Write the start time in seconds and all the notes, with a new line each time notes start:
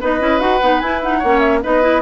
0.00 B3 D#4 B4 D#5
0.19 C#4 E4
0.39 D#4 F#4 F#5
0.61 B3 D#4
0.80 E4 G#5
1.02 D#4 F#5
1.18 A#3 C#5
1.25 C#4
1.39 E5
1.62 B3 D#4 B4 D#5
1.81 E4